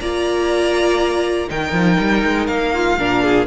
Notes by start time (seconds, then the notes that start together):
0.00 A#3 F4 D5 A#5
1.48 D#3 D#4 A#4 G5
1.72 F3
2.00 G3
2.25 G#3
2.46 A#3 F5
2.74 F4
2.98 A#2 D4 A#4
3.23 G#4